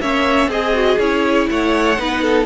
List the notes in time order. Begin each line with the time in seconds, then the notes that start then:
0.00 A#3 C#4 C#5 E5
0.46 C4 G#4 D#5
0.73 F#4
0.99 C#4 E4 C#5
1.50 A3 C#5 F#5
1.97 B3 D#4 B4
2.22 A4